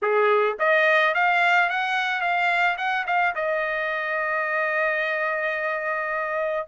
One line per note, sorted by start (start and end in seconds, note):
0.02 0.57 G#4
0.59 1.14 D#5
1.14 1.69 F5
1.69 2.21 F#5
2.21 2.76 F5
2.77 3.05 F#5
3.06 3.34 F5
3.35 6.67 D#5